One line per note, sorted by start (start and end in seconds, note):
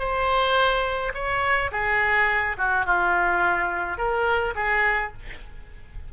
0.00 1.13 C5
1.15 1.71 C#5
1.72 2.57 G#4
2.58 2.86 F#4
2.86 3.98 F4
3.98 4.55 A#4
4.56 5.13 G#4